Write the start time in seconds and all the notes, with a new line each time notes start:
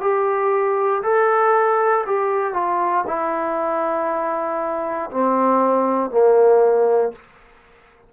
0.00 G4
1.03 A4
2.06 G4
2.53 F4
3.07 E4
5.11 C4
6.10 A#3